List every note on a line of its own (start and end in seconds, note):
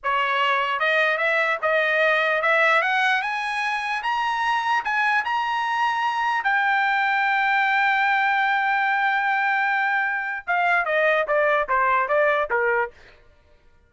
0.03 0.79 C#5
0.79 1.17 D#5
1.17 1.57 E5
1.62 2.42 D#5
2.42 2.82 E5
2.82 3.22 F#5
3.22 4.02 G#5
4.02 4.83 A#5
4.84 5.24 G#5
5.24 6.43 A#5
6.43 10.46 G5
10.47 10.85 F5
10.85 11.25 D#5
11.27 11.67 D5
11.69 12.08 C5
12.08 12.48 D5
12.50 12.90 A#4